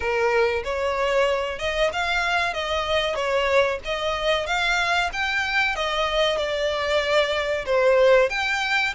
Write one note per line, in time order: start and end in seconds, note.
0.00 0.63 A#4
0.64 1.58 C#5
1.58 1.90 D#5
1.92 2.53 F5
2.53 3.15 D#5
3.15 3.79 C#5
3.84 4.46 D#5
4.46 5.10 F5
5.12 5.75 G5
5.75 6.37 D#5
6.37 7.65 D5
7.65 8.29 C5
8.29 8.93 G5